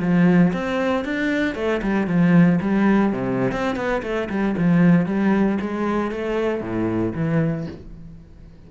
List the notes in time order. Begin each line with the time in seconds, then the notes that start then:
0.00 F3
0.53 C4
1.05 D4
1.55 A3
1.82 G3
2.07 F3
2.61 G3
3.13 C3
3.52 C4
3.76 B3
4.03 A3
4.29 G3
4.57 F3
5.06 G3
5.61 G#3
6.12 A3
6.61 A2
7.15 E3